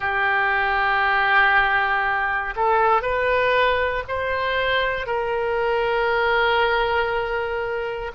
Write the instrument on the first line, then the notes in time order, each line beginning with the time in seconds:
oboe
0.00 G4
2.56 A4
3.01 B4
4.08 C5
5.06 A#4